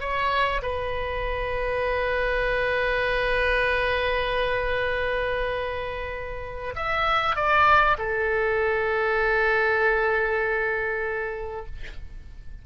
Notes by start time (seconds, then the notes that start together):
0.00 C#5
0.62 B4
6.75 E5
7.36 D5
7.98 A4